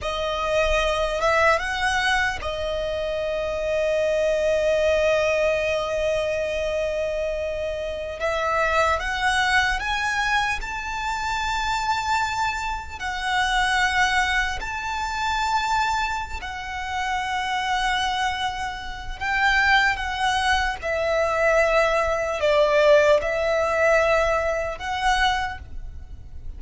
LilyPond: \new Staff \with { instrumentName = "violin" } { \time 4/4 \tempo 4 = 75 dis''4. e''8 fis''4 dis''4~ | dis''1~ | dis''2~ dis''16 e''4 fis''8.~ | fis''16 gis''4 a''2~ a''8.~ |
a''16 fis''2 a''4.~ a''16~ | a''8 fis''2.~ fis''8 | g''4 fis''4 e''2 | d''4 e''2 fis''4 | }